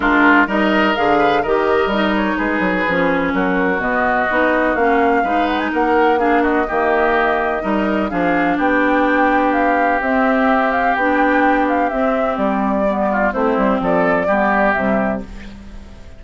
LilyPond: <<
  \new Staff \with { instrumentName = "flute" } { \time 4/4 \tempo 4 = 126 ais'4 dis''4 f''4 dis''4~ | dis''8 cis''8 b'2 ais'4 | dis''2 f''4. fis''16 gis''16 | fis''4 f''8 dis''2~ dis''8~ |
dis''4 f''4 g''2 | f''4 e''4. f''8 g''4~ | g''8 f''8 e''4 d''2 | c''4 d''2 e''4 | }
  \new Staff \with { instrumentName = "oboe" } { \time 4/4 f'4 ais'4. b'8 ais'4~ | ais'4 gis'2 fis'4~ | fis'2. b'4 | ais'4 gis'8 fis'8 g'2 |
ais'4 gis'4 g'2~ | g'1~ | g'2.~ g'8 f'8 | e'4 a'4 g'2 | }
  \new Staff \with { instrumentName = "clarinet" } { \time 4/4 d'4 dis'4 gis'4 g'4 | dis'2 cis'2 | b4 dis'4 cis'4 dis'4~ | dis'4 d'4 ais2 |
dis'4 d'2.~ | d'4 c'2 d'4~ | d'4 c'2 b4 | c'2 b4 g4 | }
  \new Staff \with { instrumentName = "bassoon" } { \time 4/4 gis4 g4 d4 dis4 | g4 gis8 fis8 f4 fis4 | b,4 b4 ais4 gis4 | ais2 dis2 |
g4 f4 b2~ | b4 c'2 b4~ | b4 c'4 g2 | a8 g8 f4 g4 c4 | }
>>